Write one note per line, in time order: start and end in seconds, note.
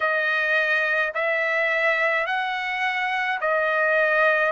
0.00 1.12 D#5
1.14 2.26 E5
2.26 3.39 F#5
3.40 4.52 D#5